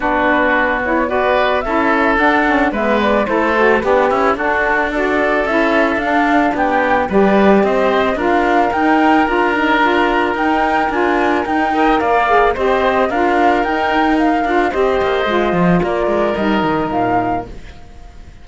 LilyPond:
<<
  \new Staff \with { instrumentName = "flute" } { \time 4/4 \tempo 4 = 110 b'4. cis''8 d''4 e''4 | fis''4 e''8 d''8 c''4 b'4 | a'4 d''4 e''4 f''4 | g''4 d''4 dis''4 f''4 |
g''4 ais''2 g''4 | gis''4 g''4 f''4 dis''4 | f''4 g''4 f''4 dis''4~ | dis''4 d''4 dis''4 f''4 | }
  \new Staff \with { instrumentName = "oboe" } { \time 4/4 fis'2 b'4 a'4~ | a'4 b'4 a'4 d'8 e'8 | fis'4 a'2. | g'4 b'4 c''4 ais'4~ |
ais'1~ | ais'4. dis''8 d''4 c''4 | ais'2. c''4~ | c''4 ais'2. | }
  \new Staff \with { instrumentName = "saxophone" } { \time 4/4 d'4. e'8 fis'4 e'4 | d'8 cis'8 b4 e'8 fis'8 g'4 | d'4 fis'4 e'4 d'4~ | d'4 g'2 f'4 |
dis'4 f'8 dis'8 f'4 dis'4 | f'4 dis'8 ais'4 gis'8 g'4 | f'4 dis'4. f'8 g'4 | f'2 dis'2 | }
  \new Staff \with { instrumentName = "cello" } { \time 4/4 b2. cis'4 | d'4 gis4 a4 b8 cis'8 | d'2 cis'4 d'4 | b4 g4 c'4 d'4 |
dis'4 d'2 dis'4 | d'4 dis'4 ais4 c'4 | d'4 dis'4. d'8 c'8 ais8 | gis8 f8 ais8 gis8 g8 dis8 ais,4 | }
>>